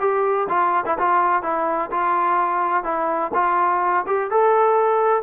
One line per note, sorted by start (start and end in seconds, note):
0.00 0.48 G4
0.49 0.85 F4
0.86 0.98 E4
0.98 1.43 F4
1.43 1.90 E4
1.91 2.84 F4
2.84 3.31 E4
3.34 4.05 F4
4.07 4.31 G4
4.31 5.23 A4